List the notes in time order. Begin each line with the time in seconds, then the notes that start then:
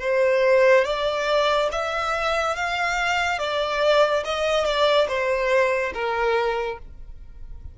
0.00 C5
0.84 D5
1.72 E5
2.55 F5
3.38 D5
4.24 D#5
4.64 D5
5.08 C5
5.93 A#4